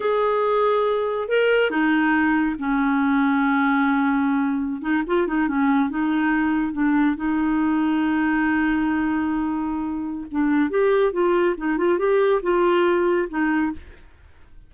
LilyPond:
\new Staff \with { instrumentName = "clarinet" } { \time 4/4 \tempo 4 = 140 gis'2. ais'4 | dis'2 cis'2~ | cis'2.~ cis'16 dis'8 f'16~ | f'16 dis'8 cis'4 dis'2 d'16~ |
d'8. dis'2.~ dis'16~ | dis'1 | d'4 g'4 f'4 dis'8 f'8 | g'4 f'2 dis'4 | }